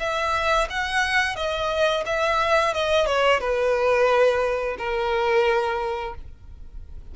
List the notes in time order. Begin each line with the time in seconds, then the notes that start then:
0.00 E5
0.70 F#5
1.36 D#5
2.06 E5
2.74 D#5
3.07 C#5
3.41 B4
4.79 A#4